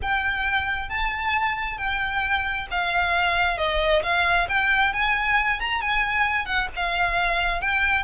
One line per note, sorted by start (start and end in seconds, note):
0.01 0.89 G5
0.89 1.77 A5
1.77 2.67 G5
2.70 3.57 F5
3.57 4.02 D#5
4.02 4.47 F5
4.48 4.93 G5
4.93 5.60 G#5
5.60 5.81 A#5
5.81 6.45 G#5
6.45 6.68 F#5
6.76 7.61 F5
7.61 8.03 G5